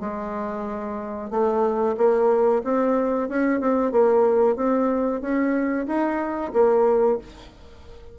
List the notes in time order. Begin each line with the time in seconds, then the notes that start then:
0.00 G#3
1.30 A3
1.97 A#3
2.64 C4
3.29 C#4
3.60 C4
3.92 A#3
4.56 C4
5.21 C#4
5.87 D#4
6.53 A#3